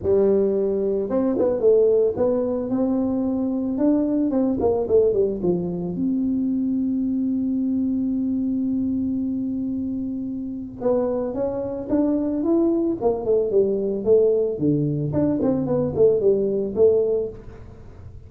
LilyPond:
\new Staff \with { instrumentName = "tuba" } { \time 4/4 \tempo 4 = 111 g2 c'8 b8 a4 | b4 c'2 d'4 | c'8 ais8 a8 g8 f4 c'4~ | c'1~ |
c'1 | b4 cis'4 d'4 e'4 | ais8 a8 g4 a4 d4 | d'8 c'8 b8 a8 g4 a4 | }